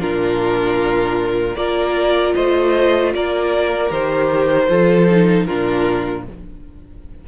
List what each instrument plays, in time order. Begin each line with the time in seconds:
0.00 cello A#2, viola D4, violin F4 A#4
1.56 cello A#3, viola F4, violin A#4 D5
2.35 cello A3, violin C5 D#5
3.15 cello A#3, violin A#4 D5
3.89 cello D#3, viola G4, violin C5
4.69 cello F3, viola F4, violin A4
5.10 viola D#4
5.46 cello A#2, viola D4, violin F4 A#4